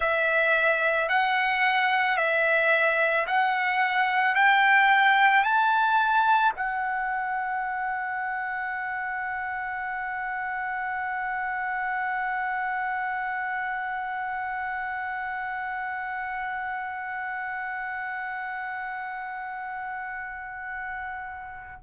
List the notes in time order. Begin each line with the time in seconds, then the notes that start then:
0.00 E5
1.09 F#5
2.17 E5
3.26 F#5
4.35 G5
5.43 A5
6.56 F#5